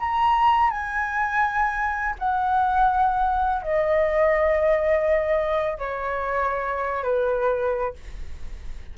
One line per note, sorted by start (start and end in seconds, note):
0.00 0.71 A#5
0.71 2.16 G#5
2.19 3.63 F#5
3.63 5.79 D#5
5.79 7.04 C#5
7.04 7.94 B4